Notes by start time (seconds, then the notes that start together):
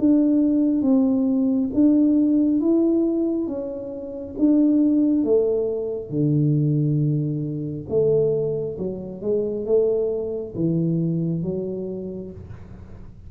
0.00 D4
0.82 C4
1.74 D4
2.61 E4
3.47 C#4
4.39 D4
5.24 A3
6.10 D3
7.90 A3
8.79 F#3
9.22 G#3
9.66 A3
10.55 E3
11.43 F#3